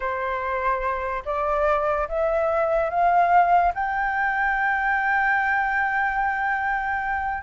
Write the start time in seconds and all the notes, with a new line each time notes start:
0.00 C5
1.25 D5
2.08 E5
2.90 F5
3.74 G5